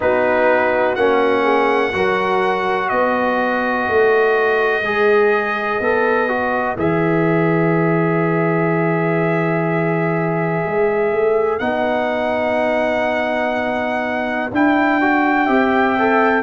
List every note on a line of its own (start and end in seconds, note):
0.00 0.96 B3
0.00 0.96 D#4
0.00 1.43 F#4
0.00 0.95 B4
0.95 1.93 A#3
0.95 1.92 C#4
0.95 2.89 F#5
1.43 1.91 G#4
1.92 2.90 F#3
1.92 4.83 F#4
1.92 2.90 A#4
2.89 3.87 B3
2.89 15.45 B4
2.89 6.76 D#5
3.88 4.82 A3
4.82 5.79 G#3
4.82 5.81 G#4
5.79 6.76 B3
5.79 6.28 A4
6.28 6.76 F#4
6.77 10.64 E3
6.77 11.60 G#4
6.77 11.59 E5
10.66 11.12 G#3
11.12 11.60 A3
11.59 14.50 B3
11.59 14.50 D#4
11.59 14.49 F#5
14.51 15.48 D4
14.51 15.01 E4
14.51 16.43 G5
15.01 15.47 F#4
15.45 16.43 C4
15.45 15.96 G4
15.45 16.42 E5
15.99 16.43 A4